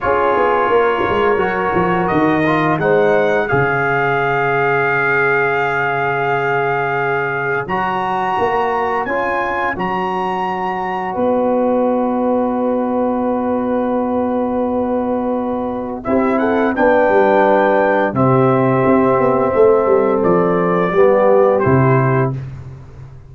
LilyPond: <<
  \new Staff \with { instrumentName = "trumpet" } { \time 4/4 \tempo 4 = 86 cis''2. dis''4 | fis''4 f''2.~ | f''2. ais''4~ | ais''4 gis''4 ais''2 |
dis''1~ | dis''2. e''8 fis''8 | g''2 e''2~ | e''4 d''2 c''4 | }
  \new Staff \with { instrumentName = "horn" } { \time 4/4 gis'4 ais'2. | c''4 cis''2.~ | cis''1~ | cis''1 |
b'1~ | b'2. g'8 a'8 | b'2 g'2 | a'2 g'2 | }
  \new Staff \with { instrumentName = "trombone" } { \time 4/4 f'2 fis'4. f'8 | dis'4 gis'2.~ | gis'2. fis'4~ | fis'4 f'4 fis'2~ |
fis'1~ | fis'2. e'4 | d'2 c'2~ | c'2 b4 e'4 | }
  \new Staff \with { instrumentName = "tuba" } { \time 4/4 cis'8 b8 ais8 gis8 fis8 f8 dis4 | gis4 cis2.~ | cis2. fis4 | ais4 cis'4 fis2 |
b1~ | b2. c'4 | b8 g4. c4 c'8 b8 | a8 g8 f4 g4 c4 | }
>>